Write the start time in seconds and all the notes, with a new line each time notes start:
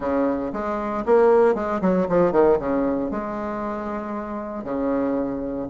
0.00 C#3
0.52 G#3
1.05 A#3
1.54 G#3
1.81 F#3
2.09 F3
2.32 D#3
2.59 C#3
3.11 G#3
4.64 C#3